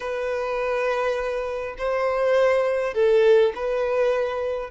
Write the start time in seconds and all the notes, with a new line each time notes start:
0.00 B4
1.78 C5
2.94 A4
3.55 B4